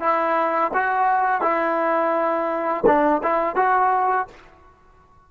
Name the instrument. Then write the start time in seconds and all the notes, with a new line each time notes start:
trombone
0.00 E4
0.74 F#4
1.42 E4
2.86 D4
3.23 E4
3.56 F#4